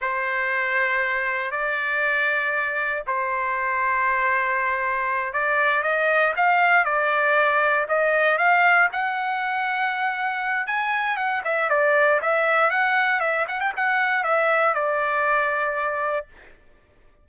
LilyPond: \new Staff \with { instrumentName = "trumpet" } { \time 4/4 \tempo 4 = 118 c''2. d''4~ | d''2 c''2~ | c''2~ c''8 d''4 dis''8~ | dis''8 f''4 d''2 dis''8~ |
dis''8 f''4 fis''2~ fis''8~ | fis''4 gis''4 fis''8 e''8 d''4 | e''4 fis''4 e''8 fis''16 g''16 fis''4 | e''4 d''2. | }